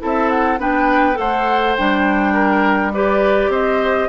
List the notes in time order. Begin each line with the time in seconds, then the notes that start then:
0.00 C4 E4 A4
0.06 E5
0.30 F#5
0.59 B3 D4 B4 G5
1.15 A3 A4 C5 F#5
1.77 G3 D4 G5
2.34 A#4
2.93 G4 B4 D5
3.49 C4 C5 D#5